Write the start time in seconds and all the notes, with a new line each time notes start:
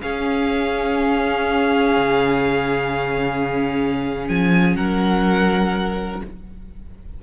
0.00 C#4 G#4 F5
1.96 C#3
4.28 F3 G#5
4.75 F#3 A#4 F#5